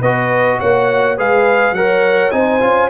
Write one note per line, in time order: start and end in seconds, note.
0.00 0.59 B3
0.00 1.18 F#4
0.00 0.58 B4
0.00 0.60 D#5
0.59 1.19 A#3
0.59 1.17 C#5
0.59 1.18 F#5
1.17 1.72 G#3
1.17 1.75 G#4
1.17 1.75 B4
1.17 1.74 F5
1.72 2.30 F#3
1.72 2.32 A#4
1.72 2.31 F#5
1.79 2.34 C#5
2.31 2.61 C4
2.31 2.60 D#4
2.31 2.90 C5
2.31 2.89 G#5
2.60 2.90 C#4
2.60 2.89 F4